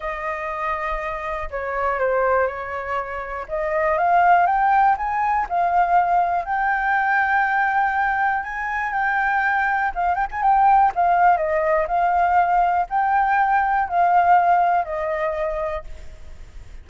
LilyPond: \new Staff \with { instrumentName = "flute" } { \time 4/4 \tempo 4 = 121 dis''2. cis''4 | c''4 cis''2 dis''4 | f''4 g''4 gis''4 f''4~ | f''4 g''2.~ |
g''4 gis''4 g''2 | f''8 g''16 gis''16 g''4 f''4 dis''4 | f''2 g''2 | f''2 dis''2 | }